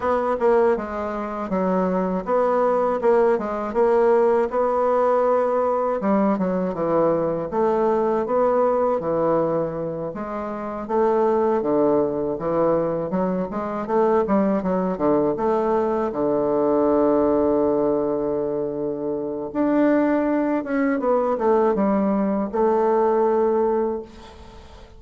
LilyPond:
\new Staff \with { instrumentName = "bassoon" } { \time 4/4 \tempo 4 = 80 b8 ais8 gis4 fis4 b4 | ais8 gis8 ais4 b2 | g8 fis8 e4 a4 b4 | e4. gis4 a4 d8~ |
d8 e4 fis8 gis8 a8 g8 fis8 | d8 a4 d2~ d8~ | d2 d'4. cis'8 | b8 a8 g4 a2 | }